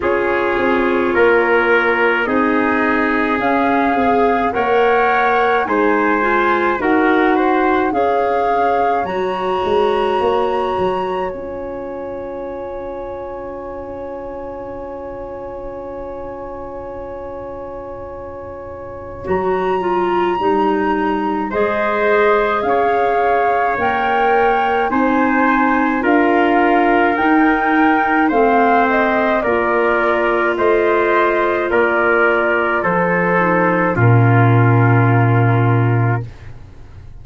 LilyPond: <<
  \new Staff \with { instrumentName = "flute" } { \time 4/4 \tempo 4 = 53 cis''2 dis''4 f''4 | fis''4 gis''4 fis''4 f''4 | ais''2 gis''2~ | gis''1~ |
gis''4 ais''2 dis''4 | f''4 g''4 gis''4 f''4 | g''4 f''8 dis''8 d''4 dis''4 | d''4 c''4 ais'2 | }
  \new Staff \with { instrumentName = "trumpet" } { \time 4/4 gis'4 ais'4 gis'2 | cis''4 c''4 ais'8 c''8 cis''4~ | cis''1~ | cis''1~ |
cis''2. c''4 | cis''2 c''4 ais'4~ | ais'4 c''4 ais'4 c''4 | ais'4 a'4 f'2 | }
  \new Staff \with { instrumentName = "clarinet" } { \time 4/4 f'2 dis'4 cis'8 gis'8 | ais'4 dis'8 f'8 fis'4 gis'4 | fis'2 f'2~ | f'1~ |
f'4 fis'8 f'8 dis'4 gis'4~ | gis'4 ais'4 dis'4 f'4 | dis'4 c'4 f'2~ | f'4. dis'8 cis'2 | }
  \new Staff \with { instrumentName = "tuba" } { \time 4/4 cis'8 c'8 ais4 c'4 cis'8 c'8 | ais4 gis4 dis'4 cis'4 | fis8 gis8 ais8 fis8 cis'2~ | cis'1~ |
cis'4 fis4 g4 gis4 | cis'4 ais4 c'4 d'4 | dis'4 a4 ais4 a4 | ais4 f4 ais,2 | }
>>